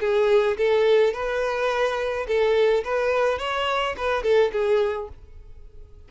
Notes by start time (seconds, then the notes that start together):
0.00 G#4
0.57 A4
1.13 B4
2.27 A4
2.84 B4
3.39 C#5
3.96 B4
4.23 A4
4.52 G#4